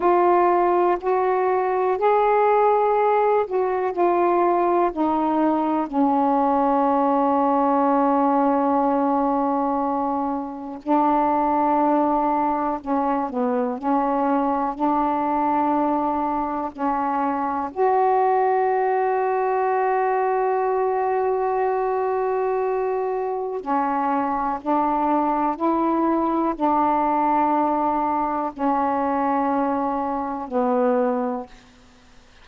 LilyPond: \new Staff \with { instrumentName = "saxophone" } { \time 4/4 \tempo 4 = 61 f'4 fis'4 gis'4. fis'8 | f'4 dis'4 cis'2~ | cis'2. d'4~ | d'4 cis'8 b8 cis'4 d'4~ |
d'4 cis'4 fis'2~ | fis'1 | cis'4 d'4 e'4 d'4~ | d'4 cis'2 b4 | }